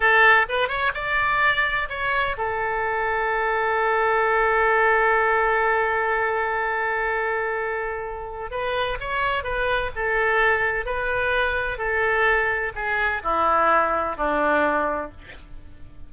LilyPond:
\new Staff \with { instrumentName = "oboe" } { \time 4/4 \tempo 4 = 127 a'4 b'8 cis''8 d''2 | cis''4 a'2.~ | a'1~ | a'1~ |
a'2 b'4 cis''4 | b'4 a'2 b'4~ | b'4 a'2 gis'4 | e'2 d'2 | }